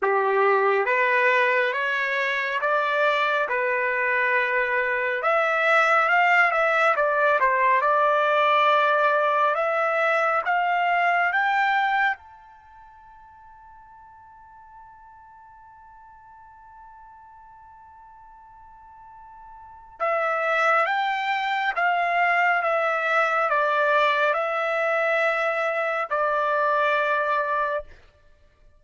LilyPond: \new Staff \with { instrumentName = "trumpet" } { \time 4/4 \tempo 4 = 69 g'4 b'4 cis''4 d''4 | b'2 e''4 f''8 e''8 | d''8 c''8 d''2 e''4 | f''4 g''4 a''2~ |
a''1~ | a''2. e''4 | g''4 f''4 e''4 d''4 | e''2 d''2 | }